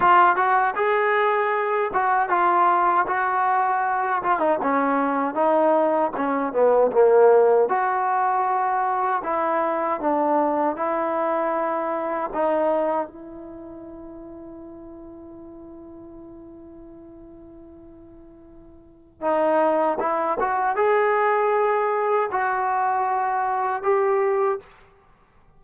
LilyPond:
\new Staff \with { instrumentName = "trombone" } { \time 4/4 \tempo 4 = 78 f'8 fis'8 gis'4. fis'8 f'4 | fis'4. f'16 dis'16 cis'4 dis'4 | cis'8 b8 ais4 fis'2 | e'4 d'4 e'2 |
dis'4 e'2.~ | e'1~ | e'4 dis'4 e'8 fis'8 gis'4~ | gis'4 fis'2 g'4 | }